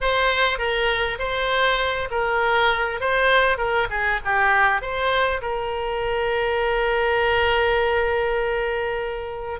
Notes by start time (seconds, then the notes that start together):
0.00 C5
0.58 A#4
1.18 C5
2.10 A#4
3.00 C5
3.57 A#4
3.89 G#4
4.24 G4
4.81 C5
5.41 A#4